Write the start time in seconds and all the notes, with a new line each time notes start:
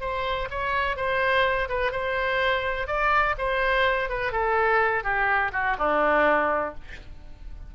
0.00 C5
0.50 C#5
0.96 C5
1.68 B4
1.91 C5
2.87 D5
3.37 C5
4.09 B4
4.32 A4
5.03 G4
5.52 F#4
5.78 D4